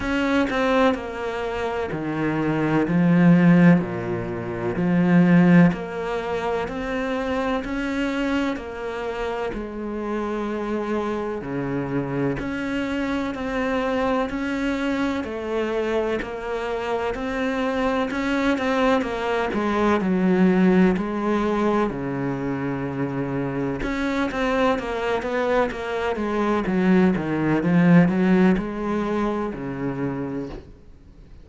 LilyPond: \new Staff \with { instrumentName = "cello" } { \time 4/4 \tempo 4 = 63 cis'8 c'8 ais4 dis4 f4 | ais,4 f4 ais4 c'4 | cis'4 ais4 gis2 | cis4 cis'4 c'4 cis'4 |
a4 ais4 c'4 cis'8 c'8 | ais8 gis8 fis4 gis4 cis4~ | cis4 cis'8 c'8 ais8 b8 ais8 gis8 | fis8 dis8 f8 fis8 gis4 cis4 | }